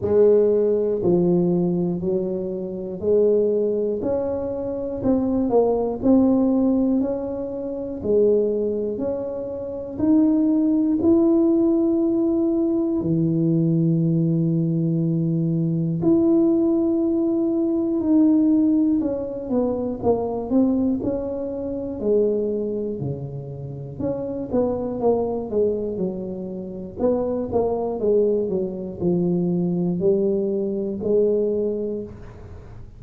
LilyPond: \new Staff \with { instrumentName = "tuba" } { \time 4/4 \tempo 4 = 60 gis4 f4 fis4 gis4 | cis'4 c'8 ais8 c'4 cis'4 | gis4 cis'4 dis'4 e'4~ | e'4 e2. |
e'2 dis'4 cis'8 b8 | ais8 c'8 cis'4 gis4 cis4 | cis'8 b8 ais8 gis8 fis4 b8 ais8 | gis8 fis8 f4 g4 gis4 | }